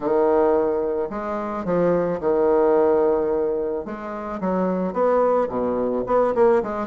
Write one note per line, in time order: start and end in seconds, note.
0.00 1.09 D#3
1.09 1.64 G#3
1.64 2.19 F3
2.20 3.85 D#3
3.85 4.40 G#3
4.40 4.93 F#3
4.93 5.48 B3
5.48 6.04 B2
6.06 6.34 B3
6.35 6.62 A#3
6.62 6.87 G#3